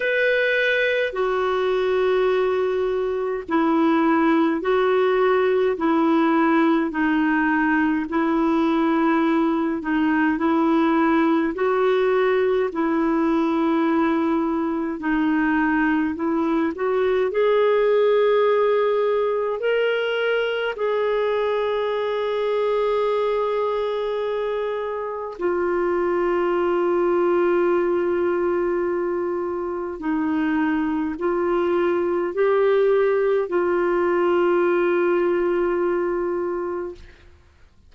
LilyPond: \new Staff \with { instrumentName = "clarinet" } { \time 4/4 \tempo 4 = 52 b'4 fis'2 e'4 | fis'4 e'4 dis'4 e'4~ | e'8 dis'8 e'4 fis'4 e'4~ | e'4 dis'4 e'8 fis'8 gis'4~ |
gis'4 ais'4 gis'2~ | gis'2 f'2~ | f'2 dis'4 f'4 | g'4 f'2. | }